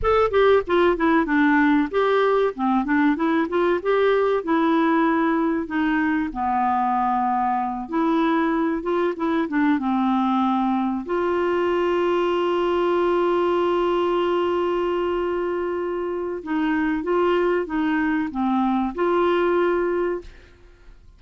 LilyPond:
\new Staff \with { instrumentName = "clarinet" } { \time 4/4 \tempo 4 = 95 a'8 g'8 f'8 e'8 d'4 g'4 | c'8 d'8 e'8 f'8 g'4 e'4~ | e'4 dis'4 b2~ | b8 e'4. f'8 e'8 d'8 c'8~ |
c'4. f'2~ f'8~ | f'1~ | f'2 dis'4 f'4 | dis'4 c'4 f'2 | }